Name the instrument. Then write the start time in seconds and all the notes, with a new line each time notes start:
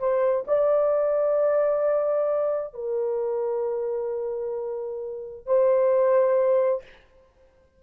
horn
0.00 C5
0.48 D5
2.74 A#4
5.46 C5